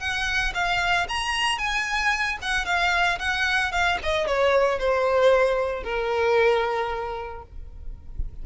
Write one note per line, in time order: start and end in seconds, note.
0.00 0.53 F#5
0.54 1.07 F5
1.09 1.58 A#5
1.58 2.38 G#5
2.42 2.66 F#5
2.66 3.19 F5
3.19 3.72 F#5
3.72 3.98 F5
4.03 4.27 D#5
4.27 4.79 C#5
4.79 5.84 C5
5.84 7.43 A#4